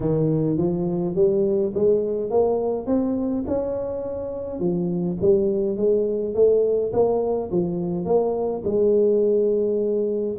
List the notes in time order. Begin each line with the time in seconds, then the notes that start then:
0.00 D#3
0.57 F3
1.15 G3
1.74 G#3
2.30 A#3
2.86 C4
3.47 C#4
4.59 F3
5.21 G3
5.76 G#3
6.34 A3
6.92 A#3
7.51 F3
8.05 A#3
8.64 G#3